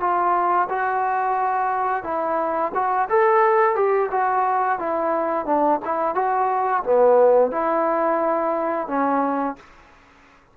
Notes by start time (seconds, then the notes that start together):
0.00 F4
0.69 F#4
2.04 E4
2.75 F#4
3.09 A4
3.76 G4
4.11 F#4
4.79 E4
5.46 D4
5.85 E4
6.15 F#4
6.84 B3
7.52 E4
8.88 C#4